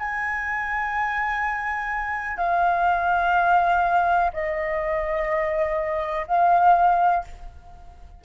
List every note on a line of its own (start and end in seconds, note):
0.00 2.38 G#5
2.38 4.31 F5
4.33 6.27 D#5
6.28 7.24 F5